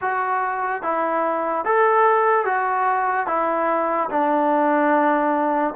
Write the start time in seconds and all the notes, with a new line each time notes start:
0.01 F#4
0.82 E4
1.64 A4
2.45 F#4
3.27 E4
4.09 D4